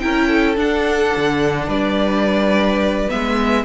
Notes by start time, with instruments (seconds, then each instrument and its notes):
0.00 cello C#4, viola E4, violin A#4 G5
0.28 violin A4
0.57 viola D4, cello D4, violin F#5
1.17 cello D3
1.68 cello G3, violin B4 D5
3.09 cello G#3, viola B3, violin E5